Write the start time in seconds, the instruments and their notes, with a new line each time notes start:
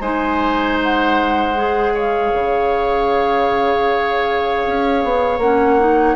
0.00 bassoon G#3, clarinet D#4, oboe C5, flute G#5
0.83 flute F#5
1.55 clarinet G#4
1.94 oboe C#5, flute F5
2.34 bassoon C#3
4.67 bassoon C#4
5.04 bassoon B3
5.38 bassoon A#3, clarinet C#4, flute F#5
5.79 clarinet D#4